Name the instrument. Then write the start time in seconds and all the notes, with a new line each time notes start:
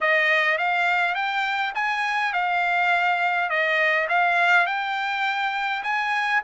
trumpet
0.00 D#5
0.57 F5
1.14 G5
1.74 G#5
2.33 F5
3.49 D#5
4.08 F5
4.66 G5
5.83 G#5